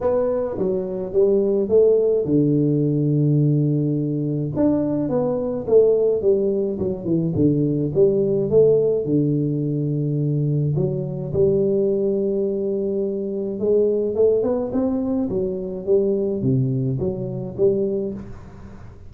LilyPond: \new Staff \with { instrumentName = "tuba" } { \time 4/4 \tempo 4 = 106 b4 fis4 g4 a4 | d1 | d'4 b4 a4 g4 | fis8 e8 d4 g4 a4 |
d2. fis4 | g1 | gis4 a8 b8 c'4 fis4 | g4 c4 fis4 g4 | }